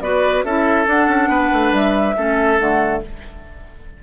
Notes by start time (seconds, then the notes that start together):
0.00 B3 F#4 B4 D5
0.43 C#4 E4 A4 E5
0.85 D4 F#5
1.07 C#4
1.28 B3 B4
1.53 A3
1.71 G3 E5
2.17 A3 C#4 A4
2.58 D3 A3 F#5